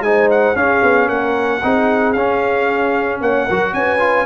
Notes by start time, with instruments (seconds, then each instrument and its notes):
0.00 tuba G#3, trombone D#4, horn C5, trumpet G#5
0.30 trumpet F#5
0.55 trombone C#4, tuba C#4, horn G#4, trumpet F5
0.82 tuba B3
1.08 tuba A#3, horn A#4, trumpet F#5
1.62 tuba C4, trombone D#4, horn G#4
2.12 tuba C#4, trombone C#4, trumpet F5
3.21 tuba A#3, horn C#5, trumpet F#5
3.44 tuba F#3, horn A#4
3.51 trombone F#4
3.73 tuba C#4, horn B4, trumpet G#5
3.99 trombone F4